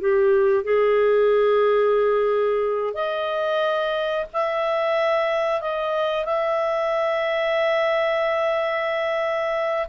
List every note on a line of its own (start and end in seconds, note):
0.00 0.64 G4
0.64 2.94 G#4
2.94 4.26 D#5
4.33 5.61 E5
5.61 6.25 D#5
6.25 9.87 E5